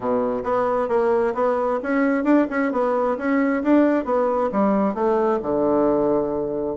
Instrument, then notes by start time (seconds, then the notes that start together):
bassoon
0.00 B2
0.43 B3
0.88 A#3
1.34 B3
1.82 C#4
2.24 D4
2.50 C#4
2.71 B3
3.17 C#4
3.63 D4
4.04 B3
4.51 G3
4.94 A3
5.42 D3